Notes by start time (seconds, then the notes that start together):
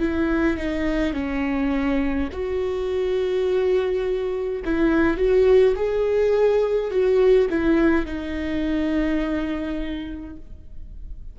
0.00 E4
0.58 D#4
1.13 C#4
2.32 F#4
4.65 E4
5.17 F#4
5.76 G#4
6.91 F#4
7.50 E4
8.06 D#4